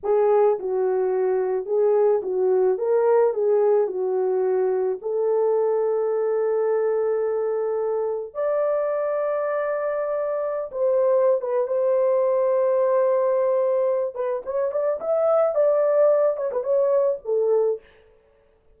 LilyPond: \new Staff \with { instrumentName = "horn" } { \time 4/4 \tempo 4 = 108 gis'4 fis'2 gis'4 | fis'4 ais'4 gis'4 fis'4~ | fis'4 a'2.~ | a'2. d''4~ |
d''2.~ d''16 c''8.~ | c''8 b'8 c''2.~ | c''4. b'8 cis''8 d''8 e''4 | d''4. cis''16 b'16 cis''4 a'4 | }